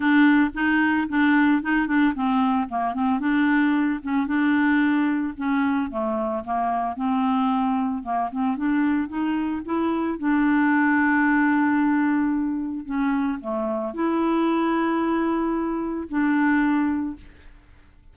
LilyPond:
\new Staff \with { instrumentName = "clarinet" } { \time 4/4 \tempo 4 = 112 d'4 dis'4 d'4 dis'8 d'8 | c'4 ais8 c'8 d'4. cis'8 | d'2 cis'4 a4 | ais4 c'2 ais8 c'8 |
d'4 dis'4 e'4 d'4~ | d'1 | cis'4 a4 e'2~ | e'2 d'2 | }